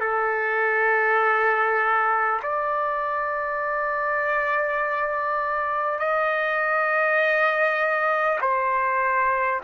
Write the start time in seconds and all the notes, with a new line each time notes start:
0.00 A4
2.42 D5
5.99 D#5
8.41 C5